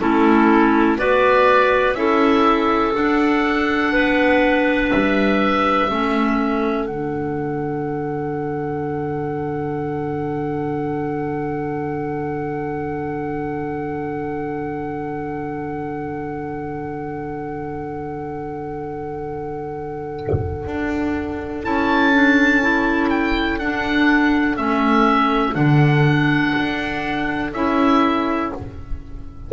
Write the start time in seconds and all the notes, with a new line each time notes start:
0.00 A3 C#4 E4 A4
0.98 B3 F#4 B4 D5
1.94 C#4 E4 A4 E5
2.94 D4 F#5
3.93 B3 B4
4.91 G3 E5
5.90 A3 C#4 A4
6.86 D3 D4 F#5
20.67 D4
21.64 C#4 E4 A5
22.14 D4
22.62 E4
23.10 G5
23.59 D4 F#5
24.57 A3 C#4 E5
25.54 D3 D4 F#5
26.58 D4
27.53 C#4 E4 E5